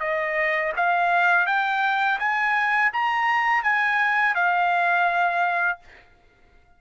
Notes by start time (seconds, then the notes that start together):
0.00 D#5
0.77 F5
1.47 G5
2.19 G#5
2.92 A#5
3.63 G#5
4.35 F5